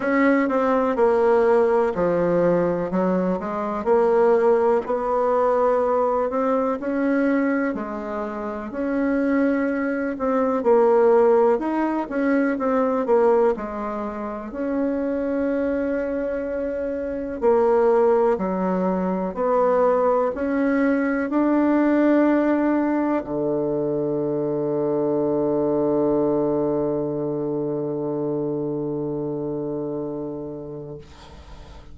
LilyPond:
\new Staff \with { instrumentName = "bassoon" } { \time 4/4 \tempo 4 = 62 cis'8 c'8 ais4 f4 fis8 gis8 | ais4 b4. c'8 cis'4 | gis4 cis'4. c'8 ais4 | dis'8 cis'8 c'8 ais8 gis4 cis'4~ |
cis'2 ais4 fis4 | b4 cis'4 d'2 | d1~ | d1 | }